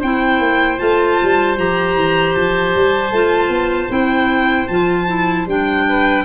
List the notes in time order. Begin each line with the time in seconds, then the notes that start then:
0.00 C4 E4 C5 G5
0.40 A#3
0.79 A3 F4 A5
1.23 G3
1.58 F3 G4 A#5
1.96 E3
2.36 F3 A5
2.76 G3
3.12 A3 F4
3.49 B3
3.90 C4 E4 G5
4.68 F3 F4 A5
5.08 E4
5.46 G3 D4 G5
5.89 B4